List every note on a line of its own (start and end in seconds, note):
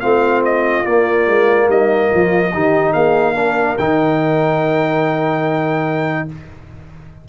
0.00 0.85 A3
0.00 0.85 C4
0.00 1.69 F4
0.00 0.42 F5
0.45 0.86 D#5
0.85 2.52 A#3
0.85 1.27 A#3
0.85 1.69 D5
1.27 1.68 G#3
1.68 2.09 G3
1.68 2.10 D#4
1.68 2.93 D#5
2.10 2.54 F3
2.10 2.52 F4
2.53 2.94 D#3
2.53 3.35 D#4
2.53 2.94 G4
2.93 3.77 A#3
2.93 3.34 G#4
2.93 3.77 F5
3.34 3.77 D4
3.34 6.26 A#4
3.78 6.28 D#3
3.78 6.29 D#4
3.78 6.28 G5